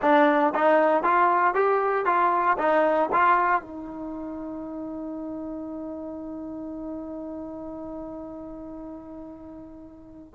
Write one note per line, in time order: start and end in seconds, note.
0.01 0.53 D4
0.54 1.03 D#4
1.03 1.54 F4
1.54 2.05 G4
2.05 2.57 F4
2.57 3.09 D#4
3.12 3.61 F4
3.61 10.34 D#4